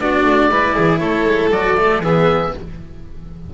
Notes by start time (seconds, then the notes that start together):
0.00 B3 D4 F#4 D5
0.24 A3
0.51 G#3 E4 B4
0.76 E3 G#4
0.99 A3 A4 C#5
1.26 G#3
1.51 F#3 F#4 D5
1.78 A3
2.01 E3 B3 G#4 E5